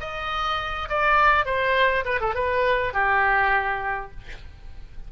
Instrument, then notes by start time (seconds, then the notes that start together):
oboe
0.00 D#5
0.89 D5
1.45 C5
2.05 B4
2.20 A4
2.34 B4
2.93 G4